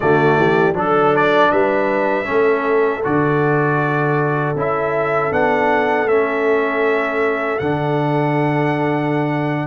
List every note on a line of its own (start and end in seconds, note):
0.00 0.37 D3
0.00 0.73 A3
0.00 0.38 F#4
0.00 0.75 D5
0.37 0.74 E3
0.37 0.76 G4
0.73 1.50 F#3
0.73 2.24 D4
0.73 1.51 A4
0.73 1.16 A4
1.16 1.51 D5
1.51 2.27 G3
1.51 2.27 B4
1.51 3.03 E5
2.24 3.04 A3
2.24 3.00 C#4
2.24 9.66 A4
3.03 4.55 D3
3.03 4.55 F#4
3.03 4.56 D5
4.55 5.31 C#4
4.55 5.31 E4
4.55 5.32 E5
5.31 6.05 B3
5.31 6.07 D4
5.31 6.08 F#5
6.05 7.57 A3
6.05 7.59 C#4
6.05 7.59 E5
7.59 9.66 D3
7.59 9.66 D4
7.59 9.66 F#5